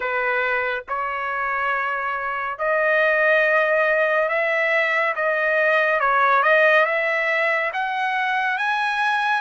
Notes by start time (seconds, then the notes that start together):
0.00 B4
0.88 C#5
2.58 D#5
4.29 E5
5.15 D#5
6.00 C#5
6.42 D#5
6.85 E5
7.73 F#5
8.58 G#5